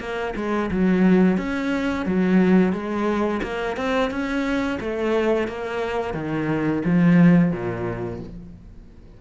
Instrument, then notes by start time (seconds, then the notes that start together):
cello
0.00 A#3
0.36 G#3
0.71 F#3
1.38 C#4
2.06 F#3
2.73 G#3
3.43 A#3
3.77 C4
4.11 C#4
4.80 A3
5.48 A#3
6.14 D#3
6.85 F3
7.52 A#2